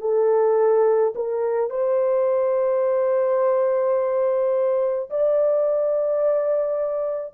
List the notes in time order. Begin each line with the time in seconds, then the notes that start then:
0.00 A4
1.15 A#4
1.70 C5
5.10 D5